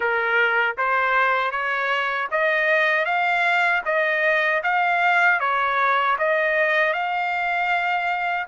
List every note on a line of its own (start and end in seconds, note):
0.00 0.76 A#4
0.77 1.51 C5
1.51 2.28 C#5
2.31 3.05 D#5
3.05 3.82 F5
3.85 4.62 D#5
4.63 5.40 F5
5.40 6.16 C#5
6.18 6.93 D#5
6.93 8.47 F5